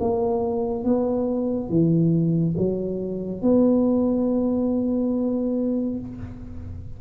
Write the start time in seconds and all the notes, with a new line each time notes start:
0.00 A#3
0.84 B3
1.69 E3
2.57 F#3
3.42 B3